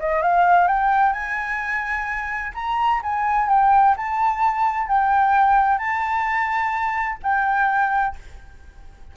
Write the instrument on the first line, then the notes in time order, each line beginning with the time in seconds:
flute
0.00 D#5
0.22 F5
0.68 G5
1.14 G#5
2.55 A#5
3.04 G#5
3.49 G5
3.97 A5
4.88 G5
5.79 A5
7.23 G5